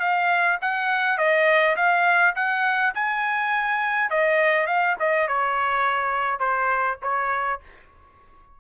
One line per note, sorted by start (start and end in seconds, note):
0.00 0.58 F5
0.62 1.18 F#5
1.18 1.76 D#5
1.77 2.35 F5
2.36 2.94 F#5
2.95 4.10 G#5
4.10 4.67 D#5
4.67 4.96 F5
4.99 5.28 D#5
5.28 6.40 C#5
6.40 6.98 C5
7.02 7.60 C#5